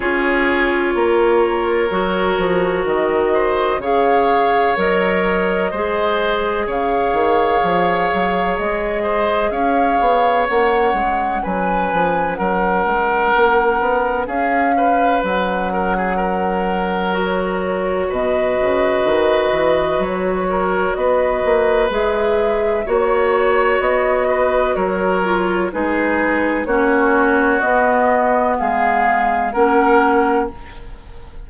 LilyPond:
<<
  \new Staff \with { instrumentName = "flute" } { \time 4/4 \tempo 4 = 63 cis''2. dis''4 | f''4 dis''2 f''4~ | f''4 dis''4 f''4 fis''4 | gis''4 fis''2 f''4 |
fis''2 cis''4 dis''4~ | dis''4 cis''4 dis''4 e''4 | cis''4 dis''4 cis''4 b'4 | cis''4 dis''4 f''4 fis''4 | }
  \new Staff \with { instrumentName = "oboe" } { \time 4/4 gis'4 ais'2~ ais'8 c''8 | cis''2 c''4 cis''4~ | cis''4. c''8 cis''2 | b'4 ais'2 gis'8 b'8~ |
b'8 ais'16 gis'16 ais'2 b'4~ | b'4. ais'8 b'2 | cis''4. b'8 ais'4 gis'4 | fis'2 gis'4 ais'4 | }
  \new Staff \with { instrumentName = "clarinet" } { \time 4/4 f'2 fis'2 | gis'4 ais'4 gis'2~ | gis'2. cis'4~ | cis'1~ |
cis'2 fis'2~ | fis'2. gis'4 | fis'2~ fis'8 f'8 dis'4 | cis'4 b2 cis'4 | }
  \new Staff \with { instrumentName = "bassoon" } { \time 4/4 cis'4 ais4 fis8 f8 dis4 | cis4 fis4 gis4 cis8 dis8 | f8 fis8 gis4 cis'8 b8 ais8 gis8 | fis8 f8 fis8 gis8 ais8 b8 cis'4 |
fis2. b,8 cis8 | dis8 e8 fis4 b8 ais8 gis4 | ais4 b4 fis4 gis4 | ais4 b4 gis4 ais4 | }
>>